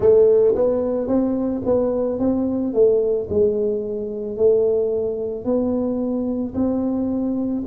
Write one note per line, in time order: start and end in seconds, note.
0.00 0.55 A3
0.55 1.07 B3
1.07 1.62 C4
1.65 2.19 B3
2.19 2.73 C4
2.73 3.28 A3
3.29 4.36 G#3
4.36 5.44 A3
5.44 6.54 B3
6.54 7.63 C4